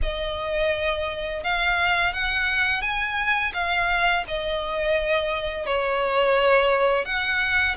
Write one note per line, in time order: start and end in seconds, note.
0.02 1.43 D#5
1.43 2.13 F5
2.13 2.81 F#5
2.81 3.52 G#5
3.53 4.24 F5
4.27 5.66 D#5
5.66 7.05 C#5
7.05 7.76 F#5